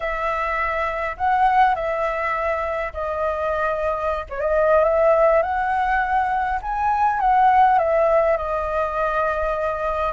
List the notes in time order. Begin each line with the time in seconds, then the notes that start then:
0.00 E5
1.17 F#5
1.75 E5
2.93 D#5
4.29 C#5
4.40 D#5
4.84 E5
5.42 F#5
6.62 G#5
7.20 F#5
7.78 E5
8.37 D#5